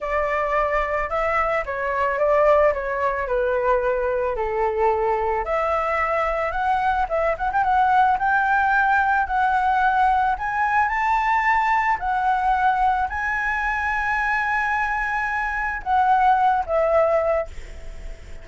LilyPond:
\new Staff \with { instrumentName = "flute" } { \time 4/4 \tempo 4 = 110 d''2 e''4 cis''4 | d''4 cis''4 b'2 | a'2 e''2 | fis''4 e''8 fis''16 g''16 fis''4 g''4~ |
g''4 fis''2 gis''4 | a''2 fis''2 | gis''1~ | gis''4 fis''4. e''4. | }